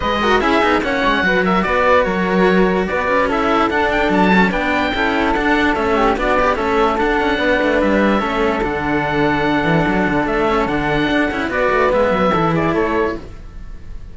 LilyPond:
<<
  \new Staff \with { instrumentName = "oboe" } { \time 4/4 \tempo 4 = 146 dis''4 e''4 fis''4. e''8 | d''4 cis''2 d''4 | e''4 fis''8 g''8 a''4 g''4~ | g''4 fis''4 e''4 d''4 |
e''4 fis''2 e''4~ | e''4 fis''2.~ | fis''4 e''4 fis''2 | d''4 e''4. d''8 cis''4 | }
  \new Staff \with { instrumentName = "flute" } { \time 4/4 b'8 ais'8 gis'4 cis''4 b'8 ais'8 | b'4 ais'2 b'4 | a'2. b'4 | a'2~ a'8 g'8 fis'8 d'8 |
a'2 b'2 | a'1~ | a'1 | b'2 a'8 gis'8 a'4 | }
  \new Staff \with { instrumentName = "cello" } { \time 4/4 gis'8 fis'8 e'8 dis'8 cis'4 fis'4~ | fis'1 | e'4 d'4. cis'8 d'4 | e'4 d'4 cis'4 d'8 g'8 |
cis'4 d'2. | cis'4 d'2.~ | d'4. cis'8 d'4. e'8 | fis'4 b4 e'2 | }
  \new Staff \with { instrumentName = "cello" } { \time 4/4 gis4 cis'8 b8 ais8 gis8 fis4 | b4 fis2 b8 cis'8~ | cis'4 d'4 fis4 b4 | cis'4 d'4 a4 b4 |
a4 d'8 cis'8 b8 a8 g4 | a4 d2~ d8 e8 | fis8 d8 a4 d4 d'8 cis'8 | b8 a8 gis8 fis8 e4 a4 | }
>>